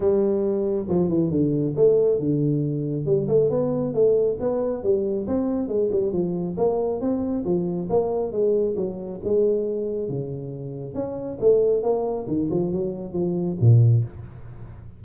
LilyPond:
\new Staff \with { instrumentName = "tuba" } { \time 4/4 \tempo 4 = 137 g2 f8 e8 d4 | a4 d2 g8 a8 | b4 a4 b4 g4 | c'4 gis8 g8 f4 ais4 |
c'4 f4 ais4 gis4 | fis4 gis2 cis4~ | cis4 cis'4 a4 ais4 | dis8 f8 fis4 f4 ais,4 | }